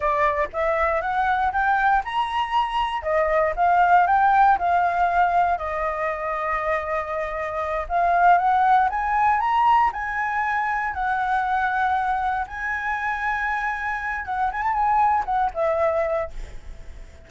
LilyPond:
\new Staff \with { instrumentName = "flute" } { \time 4/4 \tempo 4 = 118 d''4 e''4 fis''4 g''4 | ais''2 dis''4 f''4 | g''4 f''2 dis''4~ | dis''2.~ dis''8 f''8~ |
f''8 fis''4 gis''4 ais''4 gis''8~ | gis''4. fis''2~ fis''8~ | fis''8 gis''2.~ gis''8 | fis''8 gis''16 a''16 gis''4 fis''8 e''4. | }